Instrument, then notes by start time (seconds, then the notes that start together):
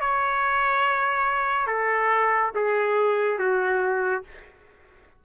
trumpet
0.00 C#5
1.67 A4
2.55 G#4
3.38 F#4